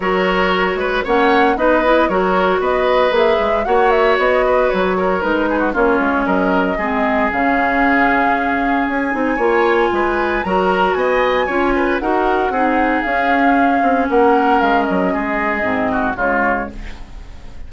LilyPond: <<
  \new Staff \with { instrumentName = "flute" } { \time 4/4 \tempo 4 = 115 cis''2 fis''4 dis''4 | cis''4 dis''4 e''4 fis''8 e''8 | dis''4 cis''4 b'4 cis''4 | dis''2 f''2~ |
f''4 gis''2. | ais''4 gis''2 fis''4~ | fis''4 f''2 fis''4 | f''8 dis''2~ dis''8 cis''4 | }
  \new Staff \with { instrumentName = "oboe" } { \time 4/4 ais'4. b'8 cis''4 b'4 | ais'4 b'2 cis''4~ | cis''8 b'4 ais'4 gis'16 fis'16 f'4 | ais'4 gis'2.~ |
gis'2 cis''4 b'4 | ais'4 dis''4 cis''8 b'8 ais'4 | gis'2. ais'4~ | ais'4 gis'4. fis'8 f'4 | }
  \new Staff \with { instrumentName = "clarinet" } { \time 4/4 fis'2 cis'4 dis'8 e'8 | fis'2 gis'4 fis'4~ | fis'2 dis'4 cis'4~ | cis'4 c'4 cis'2~ |
cis'4. dis'8 f'2 | fis'2 f'4 fis'4 | dis'4 cis'2.~ | cis'2 c'4 gis4 | }
  \new Staff \with { instrumentName = "bassoon" } { \time 4/4 fis4. gis8 ais4 b4 | fis4 b4 ais8 gis8 ais4 | b4 fis4 gis4 ais8 gis8 | fis4 gis4 cis2~ |
cis4 cis'8 c'8 ais4 gis4 | fis4 b4 cis'4 dis'4 | c'4 cis'4. c'8 ais4 | gis8 fis8 gis4 gis,4 cis4 | }
>>